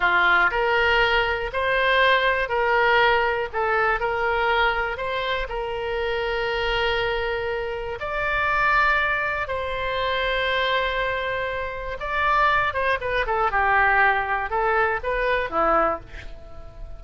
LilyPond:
\new Staff \with { instrumentName = "oboe" } { \time 4/4 \tempo 4 = 120 f'4 ais'2 c''4~ | c''4 ais'2 a'4 | ais'2 c''4 ais'4~ | ais'1 |
d''2. c''4~ | c''1 | d''4. c''8 b'8 a'8 g'4~ | g'4 a'4 b'4 e'4 | }